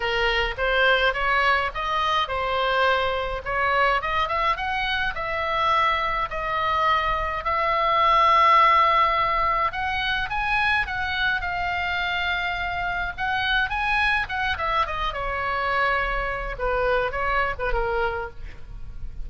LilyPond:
\new Staff \with { instrumentName = "oboe" } { \time 4/4 \tempo 4 = 105 ais'4 c''4 cis''4 dis''4 | c''2 cis''4 dis''8 e''8 | fis''4 e''2 dis''4~ | dis''4 e''2.~ |
e''4 fis''4 gis''4 fis''4 | f''2. fis''4 | gis''4 fis''8 e''8 dis''8 cis''4.~ | cis''4 b'4 cis''8. b'16 ais'4 | }